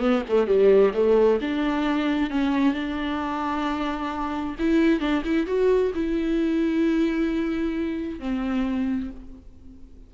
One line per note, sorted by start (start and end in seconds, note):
0.00 0.23 B3
0.29 0.47 A3
0.47 0.93 G3
0.94 1.40 A3
1.41 2.31 D4
2.31 2.74 C#4
2.74 4.56 D4
4.60 5.00 E4
5.00 5.23 D4
5.25 5.47 E4
5.47 5.93 F#4
5.95 8.20 E4
8.20 9.11 C4